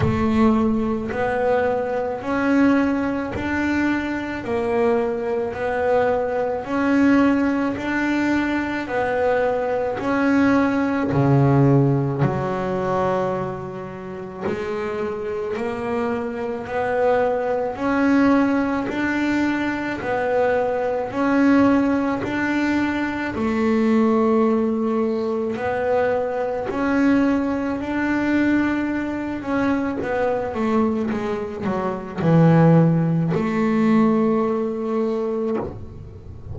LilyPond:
\new Staff \with { instrumentName = "double bass" } { \time 4/4 \tempo 4 = 54 a4 b4 cis'4 d'4 | ais4 b4 cis'4 d'4 | b4 cis'4 cis4 fis4~ | fis4 gis4 ais4 b4 |
cis'4 d'4 b4 cis'4 | d'4 a2 b4 | cis'4 d'4. cis'8 b8 a8 | gis8 fis8 e4 a2 | }